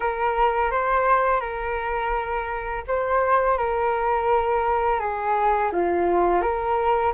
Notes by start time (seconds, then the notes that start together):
0.00 A#4
0.71 C5
1.40 A#4
2.87 C5
3.57 A#4
4.99 G#4
5.72 F4
6.41 A#4